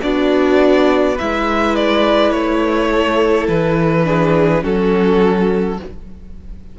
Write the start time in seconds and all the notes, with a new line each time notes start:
0.00 B3 D4 F#4 D5
1.15 E4 B4 E5
1.21 G#3
1.75 D5
2.31 A3 C#5
2.91 A4
3.48 E3 B4
4.04 D4 G#4
4.61 F#3 C#4 F#4 A4